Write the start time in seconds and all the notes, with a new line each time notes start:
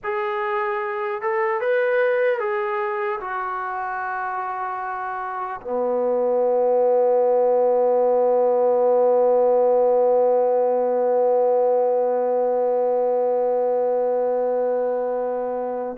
0.03 G#4
1.21 A4
1.60 B4
2.39 G#4
3.20 F#4
5.61 B3